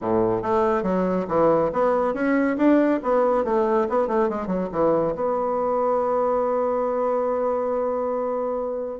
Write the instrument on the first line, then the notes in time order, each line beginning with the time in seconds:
bassoon
0.01 A2
0.42 A3
0.83 F#3
1.28 E3
1.73 B3
2.14 C#4
2.57 D4
3.02 B3
3.44 A3
3.89 B3
4.07 A3
4.29 G#3
4.46 F#3
4.72 E3
5.15 B3